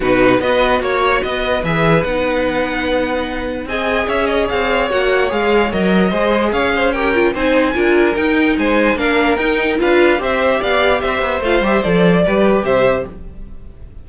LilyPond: <<
  \new Staff \with { instrumentName = "violin" } { \time 4/4 \tempo 4 = 147 b'4 dis''4 cis''4 dis''4 | e''4 fis''2.~ | fis''4 gis''4 e''8 dis''8 f''4 | fis''4 f''4 dis''2 |
f''4 g''4 gis''2 | g''4 gis''4 f''4 g''4 | f''4 e''4 f''4 e''4 | f''8 e''8 d''2 e''4 | }
  \new Staff \with { instrumentName = "violin" } { \time 4/4 fis'4 b'4 cis''4 b'4~ | b'1~ | b'4 dis''4 cis''2~ | cis''2. c''4 |
cis''8 c''8 ais'4 c''4 ais'4~ | ais'4 c''4 ais'2 | b'4 c''4 d''4 c''4~ | c''2 b'4 c''4 | }
  \new Staff \with { instrumentName = "viola" } { \time 4/4 dis'4 fis'2. | gis'4 dis'2.~ | dis'4 gis'2. | fis'4 gis'4 ais'4 gis'4~ |
gis'4 g'8 f'8 dis'4 f'4 | dis'2 d'4 dis'4 | f'4 g'2. | f'8 g'8 a'4 g'2 | }
  \new Staff \with { instrumentName = "cello" } { \time 4/4 b,4 b4 ais4 b4 | e4 b2.~ | b4 c'4 cis'4 c'4 | ais4 gis4 fis4 gis4 |
cis'2 c'4 d'4 | dis'4 gis4 ais4 dis'4 | d'4 c'4 b4 c'8 b8 | a8 g8 f4 g4 c4 | }
>>